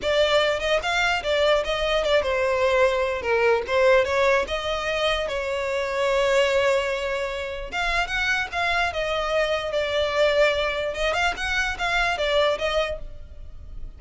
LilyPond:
\new Staff \with { instrumentName = "violin" } { \time 4/4 \tempo 4 = 148 d''4. dis''8 f''4 d''4 | dis''4 d''8 c''2~ c''8 | ais'4 c''4 cis''4 dis''4~ | dis''4 cis''2.~ |
cis''2. f''4 | fis''4 f''4 dis''2 | d''2. dis''8 f''8 | fis''4 f''4 d''4 dis''4 | }